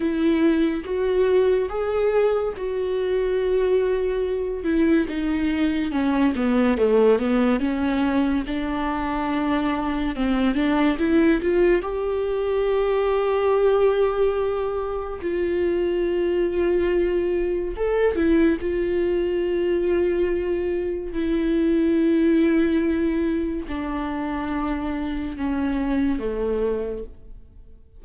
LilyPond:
\new Staff \with { instrumentName = "viola" } { \time 4/4 \tempo 4 = 71 e'4 fis'4 gis'4 fis'4~ | fis'4. e'8 dis'4 cis'8 b8 | a8 b8 cis'4 d'2 | c'8 d'8 e'8 f'8 g'2~ |
g'2 f'2~ | f'4 a'8 e'8 f'2~ | f'4 e'2. | d'2 cis'4 a4 | }